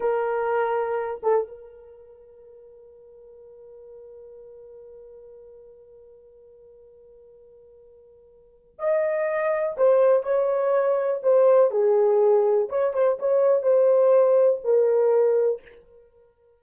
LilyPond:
\new Staff \with { instrumentName = "horn" } { \time 4/4 \tempo 4 = 123 ais'2~ ais'8 a'8 ais'4~ | ais'1~ | ais'1~ | ais'1~ |
ais'2 dis''2 | c''4 cis''2 c''4 | gis'2 cis''8 c''8 cis''4 | c''2 ais'2 | }